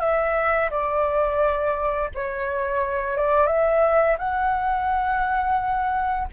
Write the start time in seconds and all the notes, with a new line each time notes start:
0.00 E5
0.70 D5
2.15 C#5
3.17 D5
3.47 E5
4.19 F#5